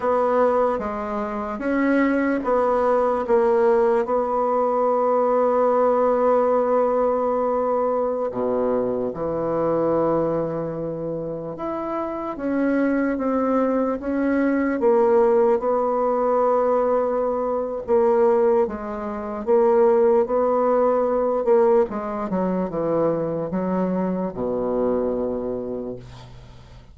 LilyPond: \new Staff \with { instrumentName = "bassoon" } { \time 4/4 \tempo 4 = 74 b4 gis4 cis'4 b4 | ais4 b2.~ | b2~ b16 b,4 e8.~ | e2~ e16 e'4 cis'8.~ |
cis'16 c'4 cis'4 ais4 b8.~ | b2 ais4 gis4 | ais4 b4. ais8 gis8 fis8 | e4 fis4 b,2 | }